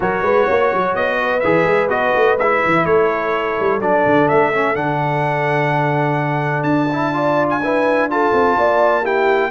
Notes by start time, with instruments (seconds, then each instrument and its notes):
0.00 tuba F#3, trombone F#4, horn A#4, trumpet C#5
0.21 tuba G#3, horn B4
0.45 tuba A#3, horn C#5
0.73 tuba F#3
0.95 tuba B3, trumpet D#5
1.21 horn B4
1.39 tuba E3, trombone G#4, trumpet E5
1.65 tuba G#3
1.89 tuba B3, trombone F#4, trumpet D#5
2.15 tuba A3
2.37 tuba G#3, trombone E4, trumpet E5
2.65 tuba E3
2.85 tuba A3, horn A4, trumpet C#5
3.60 tuba G3
3.81 tuba F#3, trombone D4, trumpet D5
4.06 tuba D3
4.28 tuba A3, trumpet E5
4.53 trombone C#4
4.75 tuba D3, trombone D4, trumpet F#5
6.63 tuba D4, trumpet A5
6.92 trombone E4
7.13 trombone F4, horn D5
7.49 trumpet G#5
7.63 trombone E4, horn B4
8.10 trombone F4, horn A4, trumpet A5
8.32 tuba C4
8.57 tuba A#3, horn D5
9.02 trombone E4, horn G4, trumpet G5